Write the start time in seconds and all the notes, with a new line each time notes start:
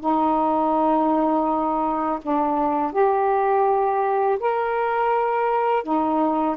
0.00 D#4
2.22 D4
2.92 G4
4.40 A#4
5.84 D#4